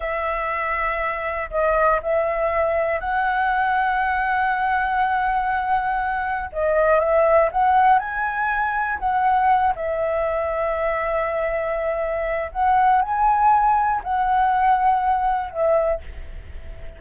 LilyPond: \new Staff \with { instrumentName = "flute" } { \time 4/4 \tempo 4 = 120 e''2. dis''4 | e''2 fis''2~ | fis''1~ | fis''4 dis''4 e''4 fis''4 |
gis''2 fis''4. e''8~ | e''1~ | e''4 fis''4 gis''2 | fis''2. e''4 | }